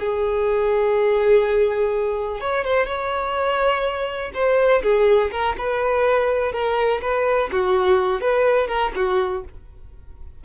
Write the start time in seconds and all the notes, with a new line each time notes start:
0.00 G#4
2.41 C#5
2.65 C5
2.87 C#5
4.34 C5
4.83 G#4
5.32 A#4
5.59 B4
6.53 A#4
7.02 B4
7.52 F#4
8.21 B4
8.68 A#4
8.96 F#4